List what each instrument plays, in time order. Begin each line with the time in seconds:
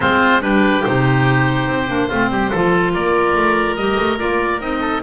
0.00 double bass G#3, clarinet C4, oboe F4 C5
0.41 double bass G3, clarinet D4, oboe G4 B4
0.83 double bass C3, clarinet D#4, oboe C5
1.67 double bass C4
1.87 double bass A#3, clarinet D4
2.07 double bass A3, clarinet C4, oboe F4
2.29 double bass G3, oboe G4
2.50 double bass F3, clarinet F4, oboe A4
2.92 double bass A#3, oboe A#4 D5
3.35 double bass A3
3.76 double bass G3, clarinet G4, oboe D#5
3.99 double bass A3
4.18 double bass A#3, clarinet F4, oboe D5
4.59 double bass C4, clarinet D#4, oboe D#5
4.80 oboe A4